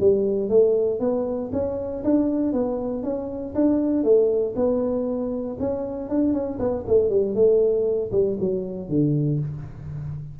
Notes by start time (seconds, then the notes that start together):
0.00 G3
0.49 A3
1.00 B3
1.52 C#4
2.04 D4
2.53 B3
3.03 C#4
3.55 D4
4.04 A3
4.55 B3
5.60 C#4
6.09 D4
6.33 C#4
6.59 B3
6.87 A3
7.09 G3
7.35 A3
8.12 G3
8.39 F#3
8.89 D3